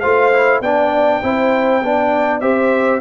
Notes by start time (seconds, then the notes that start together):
0.00 A3 F4 C5 F5
0.33 E4
0.61 B3 D4 D5 G5
1.22 C4 E4 C5
1.82 B3 D4 D5
2.40 C4 G4 C5 E5